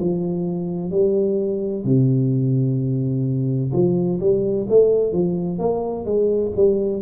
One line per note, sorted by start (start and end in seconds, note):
0.00 0.91 F3
0.91 1.84 G3
1.84 3.72 C3
3.73 4.20 F3
4.20 4.67 G3
4.69 5.12 A3
5.12 5.59 F3
5.59 6.05 A#3
6.05 6.52 G#3
6.56 7.02 G3